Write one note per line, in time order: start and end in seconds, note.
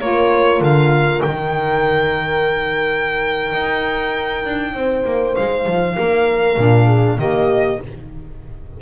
0.00 0.61 A#3
0.00 1.23 F4
0.00 4.75 A#4
0.00 0.62 C#5
0.61 1.22 D3
0.61 1.22 F5
1.22 3.53 D#3
1.22 6.57 D#4
1.22 5.35 G5
3.53 4.45 D#4
4.45 4.74 D4
4.74 5.04 C4
4.74 5.96 C5
5.05 5.35 A#3
5.36 5.66 G#3
5.36 7.20 F5
5.66 5.97 F3
5.96 6.57 A#3
5.96 6.86 A#4
6.57 7.18 A#2
6.57 7.18 D4
6.86 7.17 G#4
7.18 7.79 D#3
7.18 7.80 A#3
7.18 7.82 G4
7.18 7.81 D#5